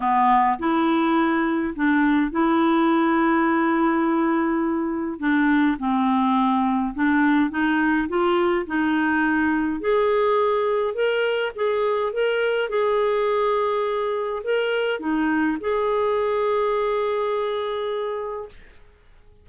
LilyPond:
\new Staff \with { instrumentName = "clarinet" } { \time 4/4 \tempo 4 = 104 b4 e'2 d'4 | e'1~ | e'4 d'4 c'2 | d'4 dis'4 f'4 dis'4~ |
dis'4 gis'2 ais'4 | gis'4 ais'4 gis'2~ | gis'4 ais'4 dis'4 gis'4~ | gis'1 | }